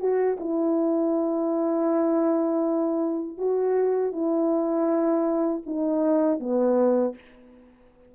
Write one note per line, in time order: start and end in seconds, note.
0.00 0.38 F#4
0.40 3.38 E4
3.38 4.12 F#4
4.12 5.62 E4
5.66 6.40 D#4
6.40 7.15 B3